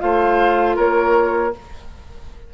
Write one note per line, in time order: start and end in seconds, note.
0.00 0.78 A3
0.00 1.52 F4
0.00 0.76 C5
0.00 0.77 F5
0.76 1.54 A#3
0.76 1.52 A#4
0.76 1.53 C#5